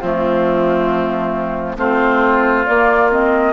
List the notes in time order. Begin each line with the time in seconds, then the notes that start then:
0.00 F3 A3 C4 F4
1.77 A3 C4 F4 C5
2.65 A#3 D5
3.10 C4 D#5